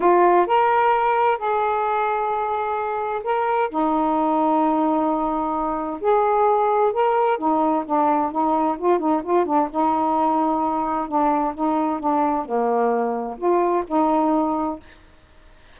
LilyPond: \new Staff \with { instrumentName = "saxophone" } { \time 4/4 \tempo 4 = 130 f'4 ais'2 gis'4~ | gis'2. ais'4 | dis'1~ | dis'4 gis'2 ais'4 |
dis'4 d'4 dis'4 f'8 dis'8 | f'8 d'8 dis'2. | d'4 dis'4 d'4 ais4~ | ais4 f'4 dis'2 | }